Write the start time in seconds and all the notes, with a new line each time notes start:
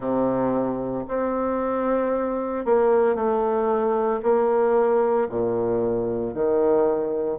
0.00 C3
1.08 C4
2.65 A#3
3.15 A3
4.22 A#3
5.29 A#2
6.34 D#3